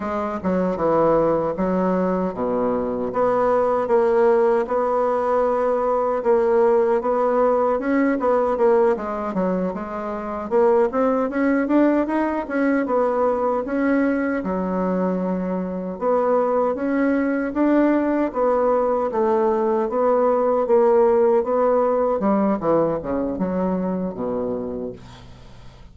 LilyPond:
\new Staff \with { instrumentName = "bassoon" } { \time 4/4 \tempo 4 = 77 gis8 fis8 e4 fis4 b,4 | b4 ais4 b2 | ais4 b4 cis'8 b8 ais8 gis8 | fis8 gis4 ais8 c'8 cis'8 d'8 dis'8 |
cis'8 b4 cis'4 fis4.~ | fis8 b4 cis'4 d'4 b8~ | b8 a4 b4 ais4 b8~ | b8 g8 e8 cis8 fis4 b,4 | }